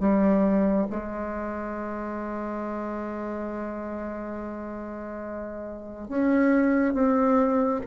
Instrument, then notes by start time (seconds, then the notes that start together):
bassoon
0.00 G3
0.90 G#3
6.09 C#4
6.94 C4